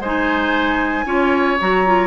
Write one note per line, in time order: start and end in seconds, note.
0.00 1.04 G#3
0.00 1.05 D#4
0.00 1.05 C5
0.00 1.60 G#5
1.05 1.58 C#4
1.05 1.58 F4
1.05 2.07 C#5
1.60 2.07 F#3
1.60 1.86 F#4
1.60 2.07 A#5
1.86 2.07 F4